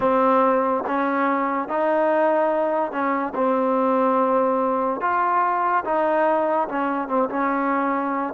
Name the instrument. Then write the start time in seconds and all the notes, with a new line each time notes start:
trombone
0.00 C4
0.86 C#4
1.68 D#4
2.91 C#4
3.34 C4
5.00 F4
5.84 D#4
6.68 C#4
7.08 C4
7.29 C#4